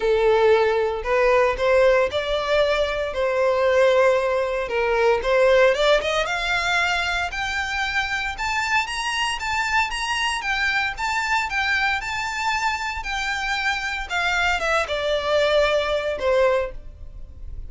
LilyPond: \new Staff \with { instrumentName = "violin" } { \time 4/4 \tempo 4 = 115 a'2 b'4 c''4 | d''2 c''2~ | c''4 ais'4 c''4 d''8 dis''8 | f''2 g''2 |
a''4 ais''4 a''4 ais''4 | g''4 a''4 g''4 a''4~ | a''4 g''2 f''4 | e''8 d''2~ d''8 c''4 | }